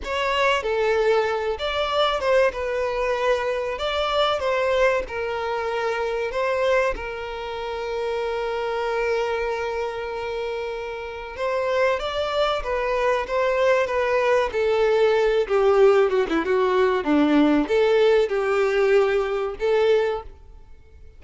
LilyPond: \new Staff \with { instrumentName = "violin" } { \time 4/4 \tempo 4 = 95 cis''4 a'4. d''4 c''8 | b'2 d''4 c''4 | ais'2 c''4 ais'4~ | ais'1~ |
ais'2 c''4 d''4 | b'4 c''4 b'4 a'4~ | a'8 g'4 fis'16 e'16 fis'4 d'4 | a'4 g'2 a'4 | }